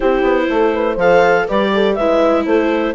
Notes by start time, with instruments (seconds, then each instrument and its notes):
0.00 bassoon C4, viola E4, horn G4, clarinet C5
0.22 bassoon B3
0.49 bassoon A3, horn A4
0.74 horn B4
0.94 bassoon F3, viola A4, horn C5, clarinet F5
1.47 bassoon G3, viola G4, horn B4, clarinet D5
1.73 horn A4
1.95 bassoon G#3, viola E4, horn B4, clarinet E5
2.45 bassoon A3, horn A4, clarinet C5